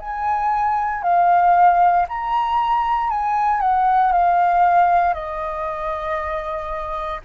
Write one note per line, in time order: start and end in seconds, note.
0.00 1.03 G#5
1.03 2.06 F5
2.09 3.10 A#5
3.10 3.61 G#5
3.61 4.13 F#5
4.13 5.14 F5
5.14 7.21 D#5